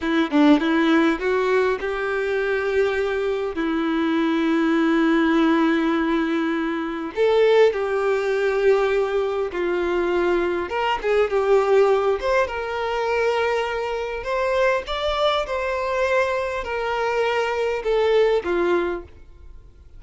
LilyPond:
\new Staff \with { instrumentName = "violin" } { \time 4/4 \tempo 4 = 101 e'8 d'8 e'4 fis'4 g'4~ | g'2 e'2~ | e'1 | a'4 g'2. |
f'2 ais'8 gis'8 g'4~ | g'8 c''8 ais'2. | c''4 d''4 c''2 | ais'2 a'4 f'4 | }